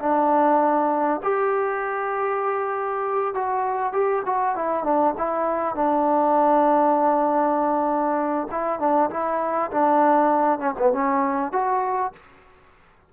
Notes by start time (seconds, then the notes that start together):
0.00 D4
1.23 G4
3.35 F#4
3.93 G4
4.26 F#4
4.56 E4
4.84 D4
5.18 E4
5.75 D4
8.52 E4
8.80 D4
9.10 E4
9.72 D4
10.59 C#4
10.79 B3
10.93 C#4
11.53 F#4